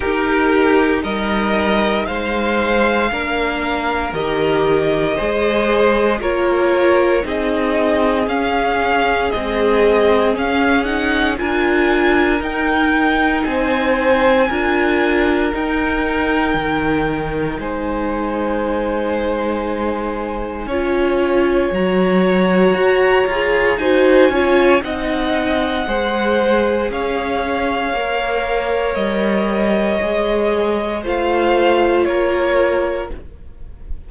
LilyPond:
<<
  \new Staff \with { instrumentName = "violin" } { \time 4/4 \tempo 4 = 58 ais'4 dis''4 f''2 | dis''2 cis''4 dis''4 | f''4 dis''4 f''8 fis''8 gis''4 | g''4 gis''2 g''4~ |
g''4 gis''2.~ | gis''4 ais''2 gis''4 | fis''2 f''2 | dis''2 f''4 cis''4 | }
  \new Staff \with { instrumentName = "violin" } { \time 4/4 g'4 ais'4 c''4 ais'4~ | ais'4 c''4 ais'4 gis'4~ | gis'2. ais'4~ | ais'4 c''4 ais'2~ |
ais'4 c''2. | cis''2. c''8 cis''8 | dis''4 c''4 cis''2~ | cis''2 c''4 ais'4 | }
  \new Staff \with { instrumentName = "viola" } { \time 4/4 dis'2. d'4 | g'4 gis'4 f'4 dis'4 | cis'4 gis4 cis'8 dis'8 f'4 | dis'2 f'4 dis'4~ |
dis'1 | f'4 fis'4. gis'8 fis'8 f'8 | dis'4 gis'2 ais'4~ | ais'4 gis'4 f'2 | }
  \new Staff \with { instrumentName = "cello" } { \time 4/4 dis'4 g4 gis4 ais4 | dis4 gis4 ais4 c'4 | cis'4 c'4 cis'4 d'4 | dis'4 c'4 d'4 dis'4 |
dis4 gis2. | cis'4 fis4 fis'8 f'8 dis'8 cis'8 | c'4 gis4 cis'4 ais4 | g4 gis4 a4 ais4 | }
>>